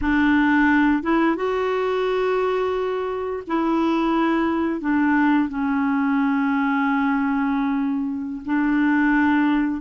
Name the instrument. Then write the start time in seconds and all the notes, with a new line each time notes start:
clarinet
0.01 D4
1.02 E4
1.36 F#4
3.47 E4
4.81 D4
5.49 C#4
8.45 D4